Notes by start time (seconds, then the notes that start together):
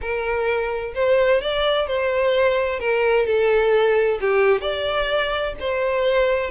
0.01 A#4
0.94 C5
1.41 D5
1.87 C5
2.79 A#4
3.26 A4
4.20 G4
4.61 D5
5.60 C5